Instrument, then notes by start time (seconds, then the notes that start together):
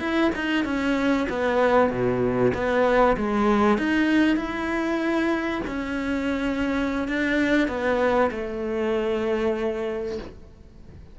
cello
0.00 E4
0.36 D#4
0.65 C#4
1.30 B3
1.90 B2
2.55 B3
3.17 G#3
3.78 D#4
4.37 E4
5.68 C#4
7.08 D4
7.68 B3
8.31 A3